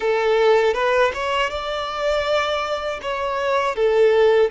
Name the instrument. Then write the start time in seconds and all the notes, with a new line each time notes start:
violin
0.00 A4
0.74 B4
1.14 C#5
1.50 D5
3.02 C#5
3.75 A4